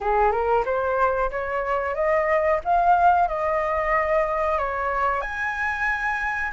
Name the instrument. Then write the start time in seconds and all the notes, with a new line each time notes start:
flute
0.00 G#4
0.31 A#4
0.65 C5
1.30 C#5
1.94 D#5
2.64 F5
3.28 D#5
4.58 C#5
5.21 G#5